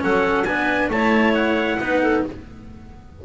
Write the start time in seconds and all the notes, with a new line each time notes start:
0.00 F#3 C#4 A4 F#5
0.45 B3 D4 B4 G#5
0.89 A3 E4 C#5 A5
1.34 F#5
1.80 B3 D#4 B4
2.02 A4